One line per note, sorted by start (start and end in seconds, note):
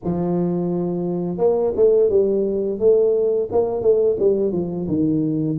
0.03 1.37 F3
1.37 1.72 A#3
1.75 2.09 A3
2.09 2.79 G3
2.79 3.49 A3
3.51 3.81 A#3
3.81 4.16 A3
4.19 4.52 G3
4.52 4.87 F3
4.87 5.57 D#3